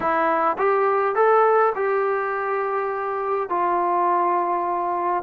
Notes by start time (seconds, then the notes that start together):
0.00 E4
0.58 G4
1.15 A4
1.75 G4
3.49 F4